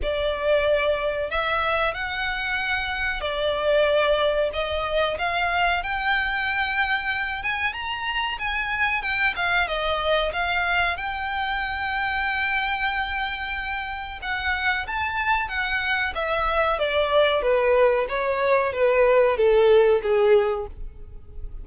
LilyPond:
\new Staff \with { instrumentName = "violin" } { \time 4/4 \tempo 4 = 93 d''2 e''4 fis''4~ | fis''4 d''2 dis''4 | f''4 g''2~ g''8 gis''8 | ais''4 gis''4 g''8 f''8 dis''4 |
f''4 g''2.~ | g''2 fis''4 a''4 | fis''4 e''4 d''4 b'4 | cis''4 b'4 a'4 gis'4 | }